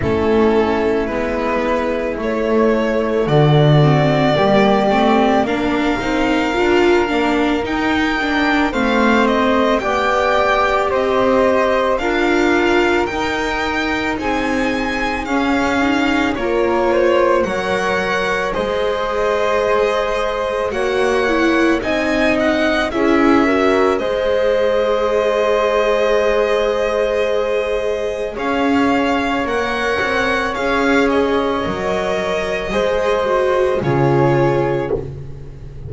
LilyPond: <<
  \new Staff \with { instrumentName = "violin" } { \time 4/4 \tempo 4 = 55 a'4 b'4 cis''4 d''4~ | d''4 f''2 g''4 | f''8 dis''8 g''4 dis''4 f''4 | g''4 gis''4 f''4 cis''4 |
fis''4 dis''2 fis''4 | gis''8 fis''8 e''4 dis''2~ | dis''2 f''4 fis''4 | f''8 dis''2~ dis''8 cis''4 | }
  \new Staff \with { instrumentName = "flute" } { \time 4/4 e'2. fis'4 | g'4 ais'2. | c''4 d''4 c''4 ais'4~ | ais'4 gis'2 ais'8 c''8 |
cis''4 c''2 cis''4 | dis''4 gis'8 ais'8 c''2~ | c''2 cis''2~ | cis''2 c''4 gis'4 | }
  \new Staff \with { instrumentName = "viola" } { \time 4/4 cis'4 b4 a4. c'8 | ais8 c'8 d'8 dis'8 f'8 d'8 dis'8 d'8 | c'4 g'2 f'4 | dis'2 cis'8 dis'8 f'4 |
ais'4 gis'2 fis'8 e'8 | dis'4 e'8 fis'8 gis'2~ | gis'2. ais'4 | gis'4 ais'4 gis'8 fis'8 f'4 | }
  \new Staff \with { instrumentName = "double bass" } { \time 4/4 a4 gis4 a4 d4 | g8 a8 ais8 c'8 d'8 ais8 dis'4 | a4 b4 c'4 d'4 | dis'4 c'4 cis'4 ais4 |
fis4 gis2 ais4 | c'4 cis'4 gis2~ | gis2 cis'4 ais8 c'8 | cis'4 fis4 gis4 cis4 | }
>>